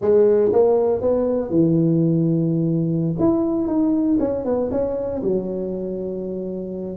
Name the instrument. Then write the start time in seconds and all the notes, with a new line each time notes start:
tuba
0.01 G#3
0.52 A#3
1.01 B3
1.50 E3
3.19 E4
3.67 D#4
4.19 C#4
4.45 B3
4.71 C#4
5.22 F#3